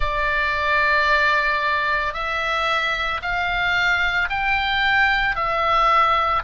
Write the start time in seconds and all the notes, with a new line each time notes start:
0.00 D5
2.13 E5
3.21 F5
4.29 G5
5.35 E5